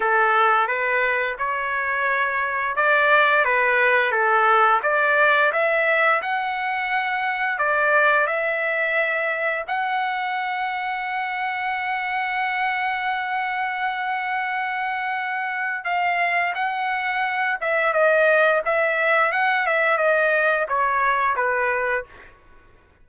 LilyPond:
\new Staff \with { instrumentName = "trumpet" } { \time 4/4 \tempo 4 = 87 a'4 b'4 cis''2 | d''4 b'4 a'4 d''4 | e''4 fis''2 d''4 | e''2 fis''2~ |
fis''1~ | fis''2. f''4 | fis''4. e''8 dis''4 e''4 | fis''8 e''8 dis''4 cis''4 b'4 | }